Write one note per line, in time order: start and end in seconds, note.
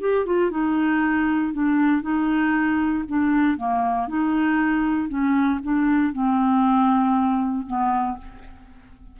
0.00 0.25 G4
0.25 0.50 F4
0.50 1.53 D#4
1.53 2.01 D4
2.01 3.04 D#4
3.08 3.57 D4
3.57 4.07 A#3
4.07 5.08 D#4
5.08 5.59 C#4
5.63 6.12 D4
6.12 7.66 C4
7.66 8.18 B3